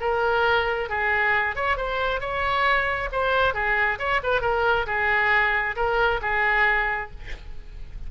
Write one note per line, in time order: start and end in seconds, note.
0.00 0.89 A#4
0.89 1.55 G#4
1.55 1.77 C#5
1.77 2.20 C5
2.20 3.09 C#5
3.12 3.54 C5
3.54 3.98 G#4
3.98 4.21 C#5
4.23 4.41 B4
4.41 4.85 A#4
4.86 5.75 G#4
5.76 6.20 A#4
6.21 7.10 G#4